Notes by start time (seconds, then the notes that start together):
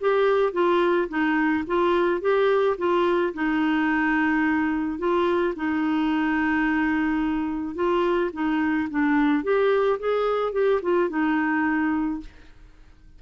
0.00 G4
0.53 F4
1.09 D#4
1.67 F4
2.21 G4
2.78 F4
3.33 D#4
4.98 F4
5.56 D#4
7.75 F4
8.33 D#4
8.90 D4
9.43 G4
9.99 G#4
10.53 G4
10.82 F4
11.09 D#4